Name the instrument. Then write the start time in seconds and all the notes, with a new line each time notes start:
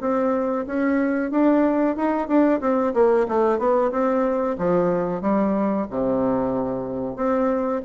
bassoon
0.00 C4
0.66 C#4
1.31 D4
1.96 D#4
2.27 D4
2.60 C4
2.93 A#3
3.28 A3
3.58 B3
3.91 C4
4.58 F3
5.21 G3
5.90 C3
7.16 C4